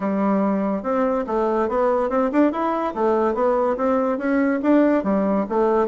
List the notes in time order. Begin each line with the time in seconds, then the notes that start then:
0.00 G3
0.82 C4
1.26 A3
1.69 B3
2.09 C4
2.32 D4
2.52 E4
2.94 A3
3.34 B3
3.76 C4
4.17 C#4
4.62 D4
5.03 G3
5.49 A3